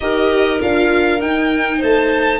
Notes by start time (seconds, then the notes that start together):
0.00 D#4 G4 A#4 D#5
0.59 D4 F4 F5
1.20 D#4 G5
1.78 A3 C5 A5